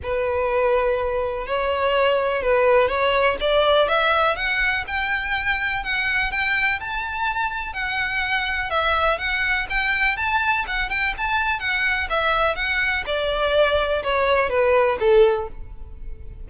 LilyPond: \new Staff \with { instrumentName = "violin" } { \time 4/4 \tempo 4 = 124 b'2. cis''4~ | cis''4 b'4 cis''4 d''4 | e''4 fis''4 g''2 | fis''4 g''4 a''2 |
fis''2 e''4 fis''4 | g''4 a''4 fis''8 g''8 a''4 | fis''4 e''4 fis''4 d''4~ | d''4 cis''4 b'4 a'4 | }